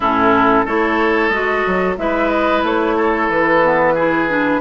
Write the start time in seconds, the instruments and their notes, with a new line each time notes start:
0.00 bassoon A2, clarinet C#4, oboe E4, flute A4
0.65 bassoon A3, clarinet E4, oboe A4, flute C#5
1.28 bassoon G#3, clarinet F#4, flute D#5
1.66 bassoon F#3
1.97 bassoon G#3, clarinet E4, oboe B4, flute E5
2.29 flute D#5
2.62 bassoon A3, flute C#5
2.96 oboe A4
3.28 bassoon E3, flute B4
3.62 clarinet B3
3.94 clarinet E4, oboe G#4
4.28 clarinet D4